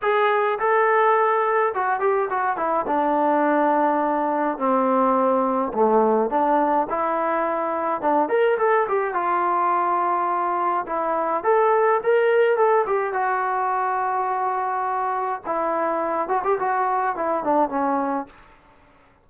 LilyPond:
\new Staff \with { instrumentName = "trombone" } { \time 4/4 \tempo 4 = 105 gis'4 a'2 fis'8 g'8 | fis'8 e'8 d'2. | c'2 a4 d'4 | e'2 d'8 ais'8 a'8 g'8 |
f'2. e'4 | a'4 ais'4 a'8 g'8 fis'4~ | fis'2. e'4~ | e'8 fis'16 g'16 fis'4 e'8 d'8 cis'4 | }